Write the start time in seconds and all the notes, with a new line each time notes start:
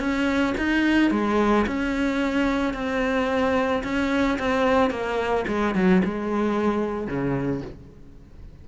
0.00 C#4
0.58 D#4
1.12 G#3
1.67 C#4
2.74 C4
3.84 C#4
4.39 C4
4.91 A#3
5.48 G#3
5.75 F#3
6.05 G#3
7.08 C#3